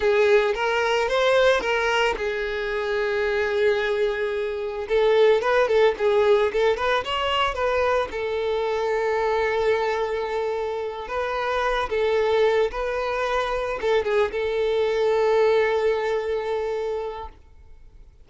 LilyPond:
\new Staff \with { instrumentName = "violin" } { \time 4/4 \tempo 4 = 111 gis'4 ais'4 c''4 ais'4 | gis'1~ | gis'4 a'4 b'8 a'8 gis'4 | a'8 b'8 cis''4 b'4 a'4~ |
a'1~ | a'8 b'4. a'4. b'8~ | b'4. a'8 gis'8 a'4.~ | a'1 | }